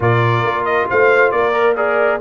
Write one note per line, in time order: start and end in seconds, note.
0.00 0.43 A#2
0.00 1.53 F4
0.00 0.87 A#4
0.00 0.64 D5
0.43 0.87 A#3
0.64 0.86 D#5
0.89 1.32 A3
0.89 1.32 C5
0.89 1.31 F5
1.31 2.20 A#3
1.31 1.76 A#4
1.31 1.75 D5
1.53 1.75 A#4
1.76 2.20 G#4
1.76 2.20 A#4
1.76 2.20 D5